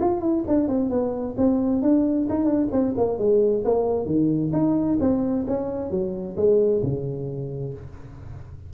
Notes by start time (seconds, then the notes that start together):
0.00 F4
0.21 E4
0.47 D4
0.68 C4
0.90 B3
1.38 C4
1.82 D4
2.30 D#4
2.45 D4
2.72 C4
2.97 A#3
3.18 G#3
3.65 A#3
4.06 D#3
4.53 D#4
5.00 C4
5.47 C#4
5.91 F#3
6.37 G#3
6.83 C#3